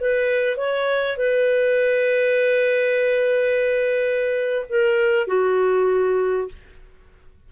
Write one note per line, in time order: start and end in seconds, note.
0.00 0.57 B4
0.57 1.17 C#5
1.17 4.66 B4
4.69 5.27 A#4
5.27 6.48 F#4